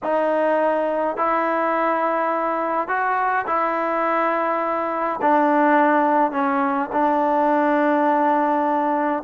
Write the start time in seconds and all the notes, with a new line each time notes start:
0.03 D#4
1.16 E4
2.88 F#4
3.46 E4
5.21 D4
6.31 C#4
6.92 D4